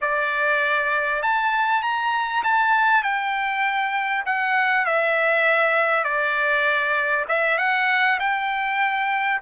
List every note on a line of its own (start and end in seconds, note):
0.01 1.22 D5
1.22 1.82 A5
1.82 2.43 A#5
2.43 3.03 A5
3.03 4.24 G5
4.25 4.85 F#5
4.85 6.04 E5
6.04 7.25 D5
7.28 7.58 E5
7.58 8.18 F#5
8.19 9.40 G5